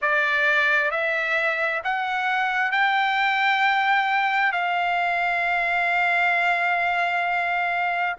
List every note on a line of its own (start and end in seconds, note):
0.01 0.90 D5
0.90 1.81 E5
1.83 2.71 F#5
2.71 4.52 G5
4.52 8.16 F5